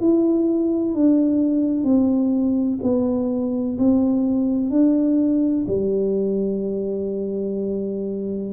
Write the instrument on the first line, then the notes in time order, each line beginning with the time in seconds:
tuba
0.00 E4
0.94 D4
1.84 C4
2.82 B3
3.78 C4
4.70 D4
5.67 G3